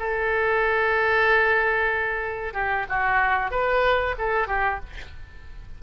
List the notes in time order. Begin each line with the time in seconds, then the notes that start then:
0.00 A4
2.54 G4
2.89 F#4
3.51 B4
4.19 A4
4.48 G4